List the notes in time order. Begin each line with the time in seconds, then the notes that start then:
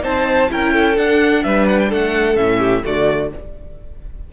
0.00 C4 D#4 C5 A5
0.49 C#4 E4 A#4 G5
0.73 A4
0.96 D4 F#5
1.43 G3 B4 E5
1.67 F#5
1.79 G5
1.89 A3 A4 F#5
2.36 A2 C#4 E5
2.59 G4
2.83 D3 A3 F#4 D5